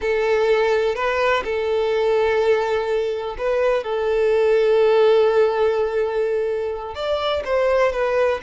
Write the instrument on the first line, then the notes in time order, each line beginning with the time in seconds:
violin
0.01 A4
0.95 B4
1.44 A4
3.38 B4
3.83 A4
6.94 D5
7.44 C5
7.92 B4